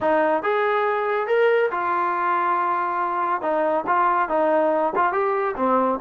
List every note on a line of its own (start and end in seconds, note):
0.01 0.42 D#4
0.42 1.27 G#4
1.27 1.70 A#4
1.71 3.41 F4
3.41 3.84 D#4
3.86 4.29 F4
4.29 4.93 D#4
4.95 5.12 F4
5.12 5.55 G4
5.56 5.99 C4